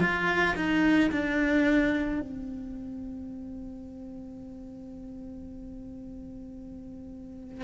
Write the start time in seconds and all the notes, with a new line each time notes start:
0.00 F4
0.56 D#4
1.11 D4
2.20 C4